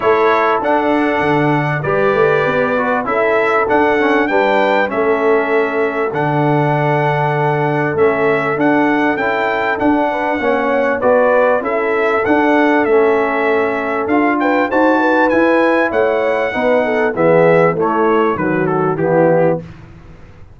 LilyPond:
<<
  \new Staff \with { instrumentName = "trumpet" } { \time 4/4 \tempo 4 = 98 cis''4 fis''2 d''4~ | d''4 e''4 fis''4 g''4 | e''2 fis''2~ | fis''4 e''4 fis''4 g''4 |
fis''2 d''4 e''4 | fis''4 e''2 f''8 g''8 | a''4 gis''4 fis''2 | e''4 cis''4 b'8 a'8 g'4 | }
  \new Staff \with { instrumentName = "horn" } { \time 4/4 a'2. b'4~ | b'4 a'2 b'4 | a'1~ | a'1~ |
a'8 b'8 cis''4 b'4 a'4~ | a'2.~ a'8 b'8 | c''8 b'4. cis''4 b'8 a'8 | gis'4 e'4 fis'4 e'4 | }
  \new Staff \with { instrumentName = "trombone" } { \time 4/4 e'4 d'2 g'4~ | g'8 fis'8 e'4 d'8 cis'8 d'4 | cis'2 d'2~ | d'4 cis'4 d'4 e'4 |
d'4 cis'4 fis'4 e'4 | d'4 cis'2 f'4 | fis'4 e'2 dis'4 | b4 a4 fis4 b4 | }
  \new Staff \with { instrumentName = "tuba" } { \time 4/4 a4 d'4 d4 g8 a8 | b4 cis'4 d'4 g4 | a2 d2~ | d4 a4 d'4 cis'4 |
d'4 ais4 b4 cis'4 | d'4 a2 d'4 | dis'4 e'4 a4 b4 | e4 a4 dis4 e4 | }
>>